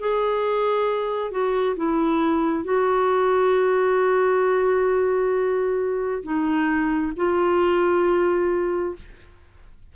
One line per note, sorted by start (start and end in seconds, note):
0.00 1.31 G#4
1.31 1.76 F#4
1.77 2.65 E4
2.65 6.23 F#4
6.23 7.13 D#4
7.17 8.96 F4